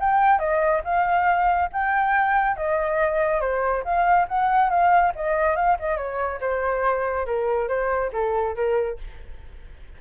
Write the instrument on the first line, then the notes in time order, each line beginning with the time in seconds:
flute
0.00 G5
0.39 D#5
0.84 F5
1.73 G5
2.57 D#5
3.41 C5
3.84 F5
4.28 F#5
4.70 F5
5.15 D#5
5.56 F5
5.79 D#5
5.97 C#5
6.41 C5
7.26 A#4
7.68 C5
8.13 A4
8.55 A#4